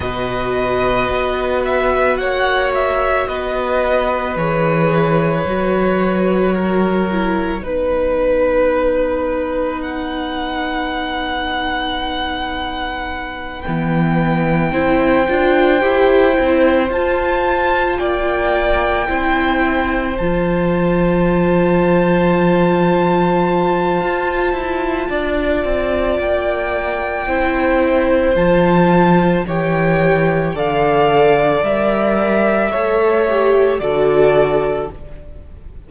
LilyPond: <<
  \new Staff \with { instrumentName = "violin" } { \time 4/4 \tempo 4 = 55 dis''4. e''8 fis''8 e''8 dis''4 | cis''2. b'4~ | b'4 fis''2.~ | fis''8 g''2. a''8~ |
a''8 g''2 a''4.~ | a''1 | g''2 a''4 g''4 | f''4 e''2 d''4 | }
  \new Staff \with { instrumentName = "violin" } { \time 4/4 b'2 cis''4 b'4~ | b'2 ais'4 b'4~ | b'1~ | b'4. c''2~ c''8~ |
c''8 d''4 c''2~ c''8~ | c''2. d''4~ | d''4 c''2 cis''4 | d''2 cis''4 a'4 | }
  \new Staff \with { instrumentName = "viola" } { \time 4/4 fis'1 | gis'4 fis'4. e'8 dis'4~ | dis'1~ | dis'8 b4 e'8 f'8 g'8 e'8 f'8~ |
f'4. e'4 f'4.~ | f'1~ | f'4 e'4 f'4 g'4 | a'4 ais'4 a'8 g'8 fis'4 | }
  \new Staff \with { instrumentName = "cello" } { \time 4/4 b,4 b4 ais4 b4 | e4 fis2 b4~ | b1~ | b8 e4 c'8 d'8 e'8 c'8 f'8~ |
f'8 ais4 c'4 f4.~ | f2 f'8 e'8 d'8 c'8 | ais4 c'4 f4 e4 | d4 g4 a4 d4 | }
>>